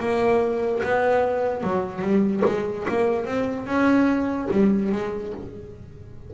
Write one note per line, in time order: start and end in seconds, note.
0.00 0.82 A#3
0.83 1.63 B3
1.63 2.02 F#3
2.02 2.43 G3
2.46 2.87 G#3
2.89 3.26 A#3
3.26 3.67 C4
3.67 4.49 C#4
4.51 4.92 G3
4.93 5.34 G#3